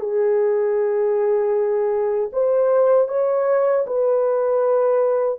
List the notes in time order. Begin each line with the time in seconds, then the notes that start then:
0.00 G#4
2.33 C5
3.08 C#5
3.87 B4